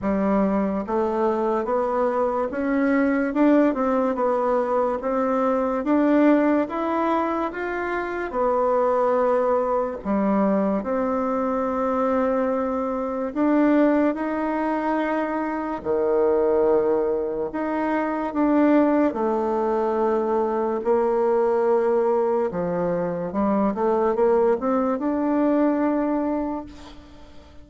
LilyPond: \new Staff \with { instrumentName = "bassoon" } { \time 4/4 \tempo 4 = 72 g4 a4 b4 cis'4 | d'8 c'8 b4 c'4 d'4 | e'4 f'4 b2 | g4 c'2. |
d'4 dis'2 dis4~ | dis4 dis'4 d'4 a4~ | a4 ais2 f4 | g8 a8 ais8 c'8 d'2 | }